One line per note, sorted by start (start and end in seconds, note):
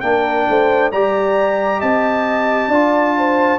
0.00 0.46 A#3
0.00 0.92 D4
0.00 0.47 A#4
0.00 0.90 G5
0.49 0.92 A3
0.49 0.91 C5
0.91 1.82 G3
0.91 2.72 G4
0.91 1.79 D5
0.91 1.81 A#5
1.79 2.68 C4
1.79 2.69 D#5
1.79 3.58 A5
2.68 3.57 D4
2.68 3.58 F4
2.68 3.14 D5
3.17 3.58 C5